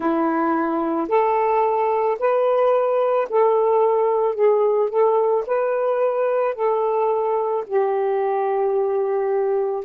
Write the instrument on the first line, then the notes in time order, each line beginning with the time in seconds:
saxophone
0.00 E4
1.08 A4
2.19 B4
3.29 A4
4.34 G#4
4.89 A4
5.46 B4
6.55 A4
7.67 G4